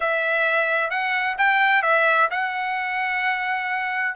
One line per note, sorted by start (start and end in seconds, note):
0.00 0.90 E5
0.90 1.36 F#5
1.38 1.82 G5
1.82 2.28 E5
2.30 4.15 F#5